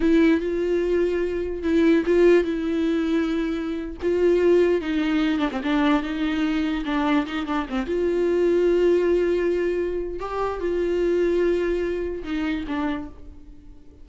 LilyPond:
\new Staff \with { instrumentName = "viola" } { \time 4/4 \tempo 4 = 147 e'4 f'2. | e'4 f'4 e'2~ | e'4.~ e'16 f'2 dis'16~ | dis'4~ dis'16 d'16 c'16 d'4 dis'4~ dis'16~ |
dis'8. d'4 dis'8 d'8 c'8 f'8.~ | f'1~ | f'4 g'4 f'2~ | f'2 dis'4 d'4 | }